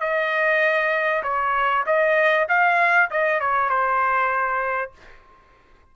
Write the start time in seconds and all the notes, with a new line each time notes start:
0.00 D#5
1.23 C#5
1.86 D#5
2.49 F5
3.10 D#5
3.40 C#5
3.69 C5